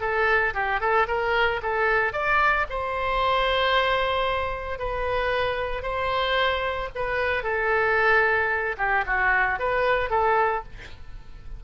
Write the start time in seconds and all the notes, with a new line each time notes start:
0.00 A4
0.54 G4
0.80 A4
1.07 A#4
1.62 A4
2.12 D5
2.69 C5
4.78 B4
5.82 C5
6.95 B4
7.43 A4
8.77 G4
9.06 F#4
9.59 B4
10.10 A4